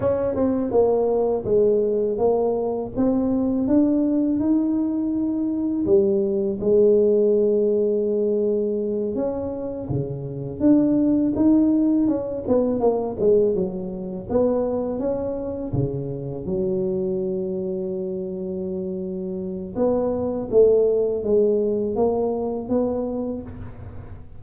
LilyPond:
\new Staff \with { instrumentName = "tuba" } { \time 4/4 \tempo 4 = 82 cis'8 c'8 ais4 gis4 ais4 | c'4 d'4 dis'2 | g4 gis2.~ | gis8 cis'4 cis4 d'4 dis'8~ |
dis'8 cis'8 b8 ais8 gis8 fis4 b8~ | b8 cis'4 cis4 fis4.~ | fis2. b4 | a4 gis4 ais4 b4 | }